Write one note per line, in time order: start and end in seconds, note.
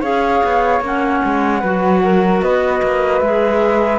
0.00 0.42 C#4
0.00 0.82 G#4
0.00 1.60 C#5
0.00 0.82 F5
0.43 0.80 B3
0.80 1.20 A#3
0.80 1.62 C#4
0.80 2.42 F#5
1.24 1.62 G#3
1.60 2.41 F#3
1.60 3.24 F#4
1.60 2.00 B4
2.03 2.43 A#4
2.41 2.81 B3
2.41 3.98 B4
2.41 3.19 D#5
2.82 3.21 A#3
3.19 3.98 G#3
3.19 3.98 G#4
3.19 3.98 E5